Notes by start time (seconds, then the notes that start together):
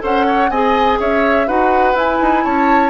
0.00 C#4 A4 C5 F#5
0.26 C#5
0.50 C4 G#4 D#5 G#5
0.99 C#4 C#5 E5
1.47 D#4 F#4 B4 F#5
1.94 E4 G#5
2.21 D#4
2.44 C#4 C#5 A5